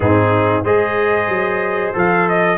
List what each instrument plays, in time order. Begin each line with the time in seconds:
0.00 tuba G#2, trombone C4, horn D#4, trumpet G#4
0.63 tuba G#3, trombone G#4, horn C5, trumpet D#5
1.28 tuba F#3
1.93 tuba F3, trombone A4, trumpet F5
2.28 trumpet D#5